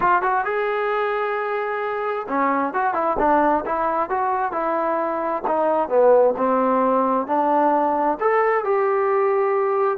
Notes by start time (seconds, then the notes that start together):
0.00 F4
0.22 F#4
0.44 G#4
2.28 C#4
2.73 F#4
2.94 E4
3.19 D4
3.65 E4
4.09 F#4
4.51 E4
5.47 D#4
5.88 B3
6.37 C4
7.26 D4
8.20 A4
8.64 G4